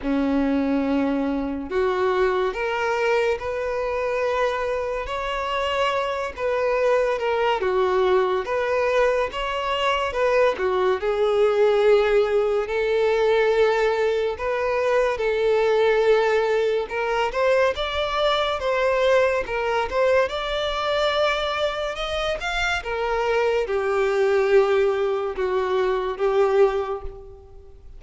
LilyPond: \new Staff \with { instrumentName = "violin" } { \time 4/4 \tempo 4 = 71 cis'2 fis'4 ais'4 | b'2 cis''4. b'8~ | b'8 ais'8 fis'4 b'4 cis''4 | b'8 fis'8 gis'2 a'4~ |
a'4 b'4 a'2 | ais'8 c''8 d''4 c''4 ais'8 c''8 | d''2 dis''8 f''8 ais'4 | g'2 fis'4 g'4 | }